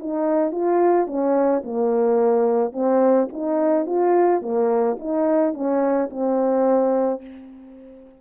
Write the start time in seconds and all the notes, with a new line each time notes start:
0.00 D#4
0.52 F4
1.07 C#4
1.65 A#3
2.73 C4
3.32 D#4
3.86 F4
4.42 A#3
4.99 D#4
5.54 C#4
6.10 C4